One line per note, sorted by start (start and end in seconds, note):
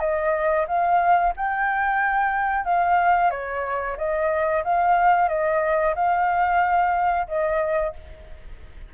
0.00 0.66 D#5
0.68 1.34 F5
1.37 2.65 G5
2.65 3.31 F5
3.31 3.97 C#5
3.98 4.64 D#5
4.65 5.29 F5
5.29 5.95 D#5
5.96 7.28 F5
7.28 7.94 D#5